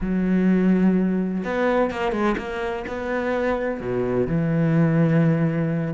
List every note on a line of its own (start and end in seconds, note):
0.00 1.43 F#3
1.44 1.90 B3
1.90 2.11 A#3
2.11 2.35 G#3
2.37 2.85 A#3
2.87 3.80 B3
3.80 4.27 B2
4.27 5.94 E3